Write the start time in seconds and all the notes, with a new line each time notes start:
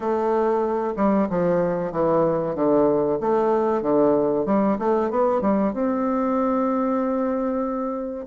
0.00 A3
0.96 G3
1.29 F3
1.91 E3
2.55 D3
3.20 A3
3.82 D3
4.45 G3
4.78 A3
5.10 B3
5.41 G3
5.73 C4